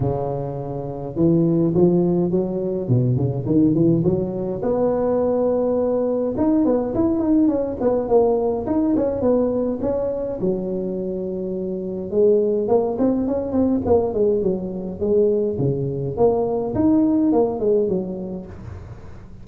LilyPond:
\new Staff \with { instrumentName = "tuba" } { \time 4/4 \tempo 4 = 104 cis2 e4 f4 | fis4 b,8 cis8 dis8 e8 fis4 | b2. dis'8 b8 | e'8 dis'8 cis'8 b8 ais4 dis'8 cis'8 |
b4 cis'4 fis2~ | fis4 gis4 ais8 c'8 cis'8 c'8 | ais8 gis8 fis4 gis4 cis4 | ais4 dis'4 ais8 gis8 fis4 | }